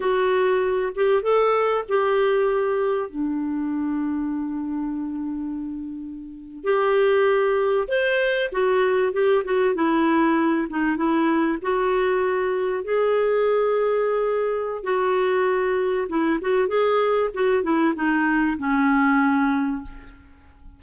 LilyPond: \new Staff \with { instrumentName = "clarinet" } { \time 4/4 \tempo 4 = 97 fis'4. g'8 a'4 g'4~ | g'4 d'2.~ | d'2~ d'8. g'4~ g'16~ | g'8. c''4 fis'4 g'8 fis'8 e'16~ |
e'4~ e'16 dis'8 e'4 fis'4~ fis'16~ | fis'8. gis'2.~ gis'16 | fis'2 e'8 fis'8 gis'4 | fis'8 e'8 dis'4 cis'2 | }